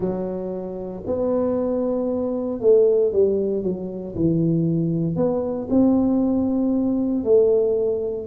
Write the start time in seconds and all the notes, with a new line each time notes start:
0.00 F#3
1.06 B3
2.60 A3
3.12 G3
3.63 F#3
4.15 E3
5.16 B3
5.69 C4
7.24 A3